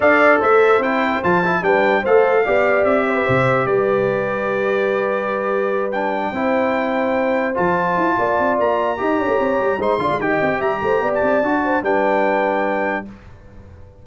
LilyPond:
<<
  \new Staff \with { instrumentName = "trumpet" } { \time 4/4 \tempo 4 = 147 f''4 e''4 g''4 a''4 | g''4 f''2 e''4~ | e''4 d''2.~ | d''2~ d''8 g''4.~ |
g''2~ g''8 a''4.~ | a''4 ais''2. | c'''4 g''4 ais''4~ ais''16 a''8.~ | a''4 g''2. | }
  \new Staff \with { instrumentName = "horn" } { \time 4/4 d''4 c''2. | b'4 c''4 d''4. c''16 b'16 | c''4 b'2.~ | b'2.~ b'8 c''8~ |
c''1 | d''2 dis''8 cis''4. | c''8 d''8 dis''4 e''8 c''8 d''4~ | d''8 c''8 b'2. | }
  \new Staff \with { instrumentName = "trombone" } { \time 4/4 a'2 e'4 f'8 e'8 | d'4 a'4 g'2~ | g'1~ | g'2~ g'8 d'4 e'8~ |
e'2~ e'8 f'4.~ | f'2 g'2 | dis'8 f'8 g'2. | fis'4 d'2. | }
  \new Staff \with { instrumentName = "tuba" } { \time 4/4 d'4 a4 c'4 f4 | g4 a4 b4 c'4 | c4 g2.~ | g2.~ g8 c'8~ |
c'2~ c'8 f4 e'8 | ais8 c'8 ais4 dis'8 d'16 a16 c'8 g8 | gis8 d16 gis16 dis8 c'8 g8 a8 b8 c'8 | d'4 g2. | }
>>